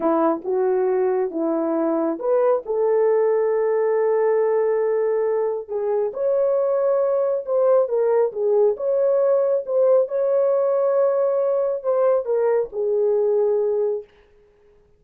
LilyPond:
\new Staff \with { instrumentName = "horn" } { \time 4/4 \tempo 4 = 137 e'4 fis'2 e'4~ | e'4 b'4 a'2~ | a'1~ | a'4 gis'4 cis''2~ |
cis''4 c''4 ais'4 gis'4 | cis''2 c''4 cis''4~ | cis''2. c''4 | ais'4 gis'2. | }